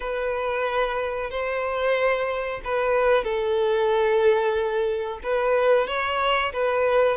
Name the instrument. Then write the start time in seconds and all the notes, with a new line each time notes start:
violin
0.00 B4
1.30 C5
2.64 B4
3.24 A4
5.23 B4
5.87 C#5
6.52 B4